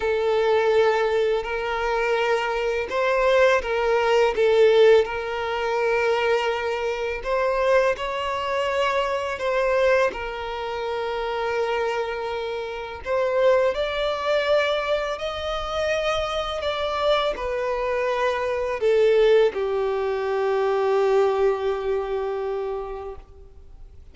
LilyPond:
\new Staff \with { instrumentName = "violin" } { \time 4/4 \tempo 4 = 83 a'2 ais'2 | c''4 ais'4 a'4 ais'4~ | ais'2 c''4 cis''4~ | cis''4 c''4 ais'2~ |
ais'2 c''4 d''4~ | d''4 dis''2 d''4 | b'2 a'4 g'4~ | g'1 | }